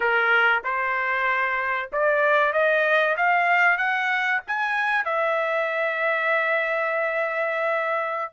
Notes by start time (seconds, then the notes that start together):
0.00 A#4
0.63 C5
1.92 D5
2.52 D#5
3.17 F5
3.77 F#5
4.47 G#5
5.04 E5